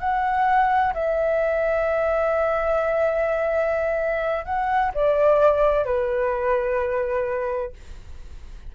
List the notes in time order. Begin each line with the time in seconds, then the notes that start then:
0.00 F#5
0.94 E5
4.45 F#5
4.94 D5
5.85 B4